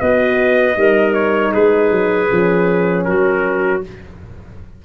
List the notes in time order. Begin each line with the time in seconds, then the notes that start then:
0.00 B3 F#4 B4 D#5
0.75 G3 D#4 A#4
1.14 C#5
1.52 G#3 G#4 B4
1.91 F#3
2.28 F3 C#4
3.04 F#3 F#4 A#4